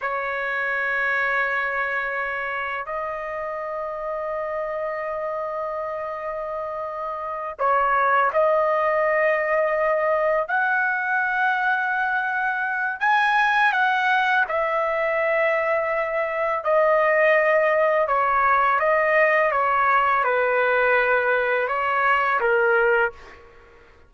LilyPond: \new Staff \with { instrumentName = "trumpet" } { \time 4/4 \tempo 4 = 83 cis''1 | dis''1~ | dis''2~ dis''8 cis''4 dis''8~ | dis''2~ dis''8 fis''4.~ |
fis''2 gis''4 fis''4 | e''2. dis''4~ | dis''4 cis''4 dis''4 cis''4 | b'2 cis''4 ais'4 | }